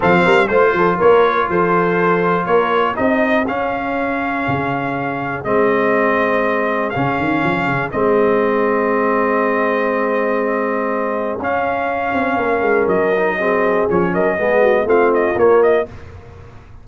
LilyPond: <<
  \new Staff \with { instrumentName = "trumpet" } { \time 4/4 \tempo 4 = 121 f''4 c''4 cis''4 c''4~ | c''4 cis''4 dis''4 f''4~ | f''2. dis''4~ | dis''2 f''2 |
dis''1~ | dis''2. f''4~ | f''2 dis''2 | cis''8 dis''4. f''8 dis''8 cis''8 dis''8 | }
  \new Staff \with { instrumentName = "horn" } { \time 4/4 a'8 ais'8 c''8 a'8 ais'4 a'4~ | a'4 ais'4 gis'2~ | gis'1~ | gis'1~ |
gis'1~ | gis'1~ | gis'4 ais'2 gis'4~ | gis'8 ais'8 gis'8 fis'8 f'2 | }
  \new Staff \with { instrumentName = "trombone" } { \time 4/4 c'4 f'2.~ | f'2 dis'4 cis'4~ | cis'2. c'4~ | c'2 cis'2 |
c'1~ | c'2. cis'4~ | cis'2~ cis'8 dis'8 c'4 | cis'4 b4 c'4 ais4 | }
  \new Staff \with { instrumentName = "tuba" } { \time 4/4 f8 g8 a8 f8 ais4 f4~ | f4 ais4 c'4 cis'4~ | cis'4 cis2 gis4~ | gis2 cis8 dis8 f8 cis8 |
gis1~ | gis2. cis'4~ | cis'8 c'8 ais8 gis8 fis2 | f8 fis8 gis4 a4 ais4 | }
>>